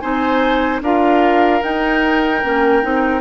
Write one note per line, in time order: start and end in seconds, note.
0.00 0.82 C4
0.00 0.81 D#4
0.00 0.82 C5
0.00 0.80 G#5
0.82 1.62 D4
0.82 1.62 F4
0.82 3.21 A#4
0.82 1.62 F5
1.62 2.42 D#4
1.62 2.43 D#4
1.62 3.21 G5
2.44 2.84 A#3
2.44 2.83 C#4
2.83 3.21 C4
2.83 3.21 D#4